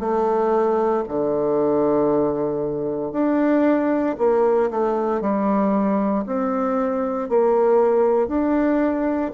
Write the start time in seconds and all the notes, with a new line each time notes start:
0.00 A3
1.08 D3
3.12 D4
4.18 A#3
4.71 A3
5.21 G3
6.26 C4
7.29 A#3
8.28 D4